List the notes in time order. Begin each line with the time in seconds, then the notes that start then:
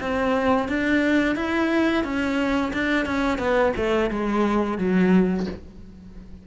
0.00 C4
0.68 D4
1.35 E4
2.04 C#4
2.73 D4
3.05 C#4
3.38 B3
3.76 A3
4.10 G#3
4.78 F#3